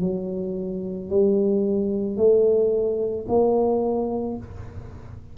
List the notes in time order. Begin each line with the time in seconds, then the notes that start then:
0.00 F#3
1.09 G3
2.16 A3
3.28 A#3